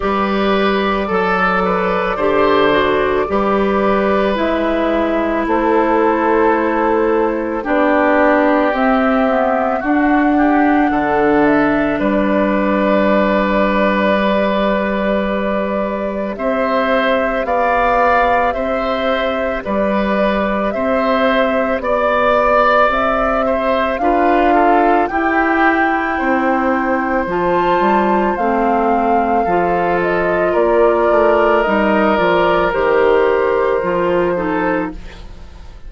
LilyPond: <<
  \new Staff \with { instrumentName = "flute" } { \time 4/4 \tempo 4 = 55 d''1 | e''4 c''2 d''4 | e''4 fis''4. e''8 d''4~ | d''2. e''4 |
f''4 e''4 d''4 e''4 | d''4 e''4 f''4 g''4~ | g''4 a''4 f''4. dis''8 | d''4 dis''8 d''8 c''2 | }
  \new Staff \with { instrumentName = "oboe" } { \time 4/4 b'4 a'8 b'8 c''4 b'4~ | b'4 a'2 g'4~ | g'4 fis'8 g'8 a'4 b'4~ | b'2. c''4 |
d''4 c''4 b'4 c''4 | d''4. c''8 b'8 a'8 g'4 | c''2. a'4 | ais'2.~ ais'8 a'8 | }
  \new Staff \with { instrumentName = "clarinet" } { \time 4/4 g'4 a'4 g'8 fis'8 g'4 | e'2. d'4 | c'8 b8 d'2.~ | d'4 g'2.~ |
g'1~ | g'2 f'4 e'4~ | e'4 f'4 c'4 f'4~ | f'4 dis'8 f'8 g'4 f'8 dis'8 | }
  \new Staff \with { instrumentName = "bassoon" } { \time 4/4 g4 fis4 d4 g4 | gis4 a2 b4 | c'4 d'4 d4 g4~ | g2. c'4 |
b4 c'4 g4 c'4 | b4 c'4 d'4 e'4 | c'4 f8 g8 a4 f4 | ais8 a8 g8 f8 dis4 f4 | }
>>